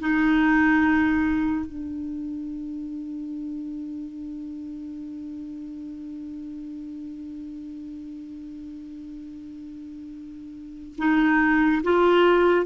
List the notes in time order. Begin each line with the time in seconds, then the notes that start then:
0.00 D#4
1.66 D4
10.98 D#4
11.83 F4